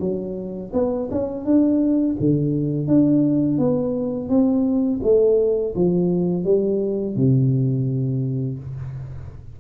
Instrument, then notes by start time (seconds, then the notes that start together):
tuba
0.00 F#3
0.73 B3
1.11 C#4
1.45 D4
2.20 D3
2.88 D4
3.58 B3
4.29 C4
5.03 A3
5.75 F3
6.44 G3
7.16 C3